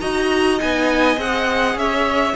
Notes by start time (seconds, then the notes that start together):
0.00 D#4 F#4 D#5 A#5
0.60 B3 D#4 G#5
1.16 C4 G#4 F#5
1.75 C#4 C#5 E5